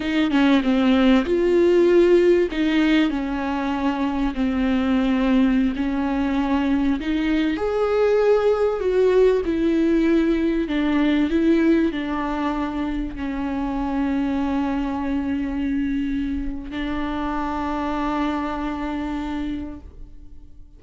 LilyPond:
\new Staff \with { instrumentName = "viola" } { \time 4/4 \tempo 4 = 97 dis'8 cis'8 c'4 f'2 | dis'4 cis'2 c'4~ | c'4~ c'16 cis'2 dis'8.~ | dis'16 gis'2 fis'4 e'8.~ |
e'4~ e'16 d'4 e'4 d'8.~ | d'4~ d'16 cis'2~ cis'8.~ | cis'2. d'4~ | d'1 | }